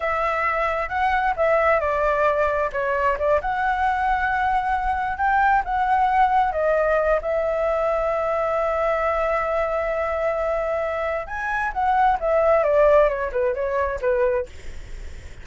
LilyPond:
\new Staff \with { instrumentName = "flute" } { \time 4/4 \tempo 4 = 133 e''2 fis''4 e''4 | d''2 cis''4 d''8 fis''8~ | fis''2.~ fis''8 g''8~ | g''8 fis''2 dis''4. |
e''1~ | e''1~ | e''4 gis''4 fis''4 e''4 | d''4 cis''8 b'8 cis''4 b'4 | }